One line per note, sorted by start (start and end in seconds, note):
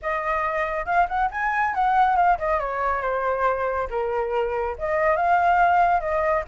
0.02 0.85 D#5
0.85 1.07 F5
1.08 1.29 F#5
1.31 1.74 G#5
1.74 2.16 F#5
2.16 2.37 F5
2.38 2.59 D#5
2.59 3.01 C#5
3.01 3.88 C5
3.90 4.76 A#4
4.78 5.16 D#5
5.16 6.00 F5
6.00 6.43 D#5